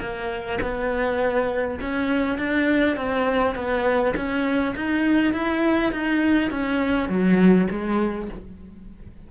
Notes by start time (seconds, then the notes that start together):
0.00 A#3
0.62 B3
1.80 C#4
2.38 D4
2.96 C4
3.55 B3
4.16 C#4
4.75 D#4
5.33 E4
5.92 D#4
6.50 C#4
7.09 F#3
7.70 G#3